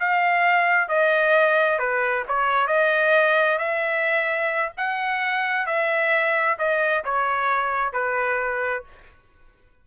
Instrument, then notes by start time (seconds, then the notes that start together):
trumpet
0.00 F5
0.89 D#5
1.79 B4
2.28 C#5
2.68 D#5
3.59 E5
4.78 F#5
5.67 E5
6.59 D#5
7.05 C#5
7.93 B4